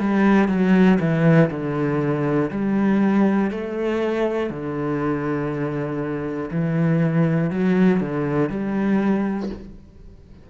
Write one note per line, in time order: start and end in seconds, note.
0.00 0.48 G3
0.48 0.98 F#3
1.00 1.50 E3
1.50 2.50 D3
2.50 3.50 G3
3.50 4.50 A3
4.50 6.50 D3
6.51 7.50 E3
7.50 8.00 F#3
8.00 8.50 D3
8.50 9.50 G3